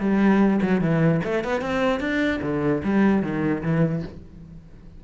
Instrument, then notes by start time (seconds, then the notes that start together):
cello
0.00 G3
0.62 F#3
0.81 E3
1.24 A3
1.44 B3
1.61 C4
2.00 D4
2.42 D3
2.84 G3
3.23 D#3
3.63 E3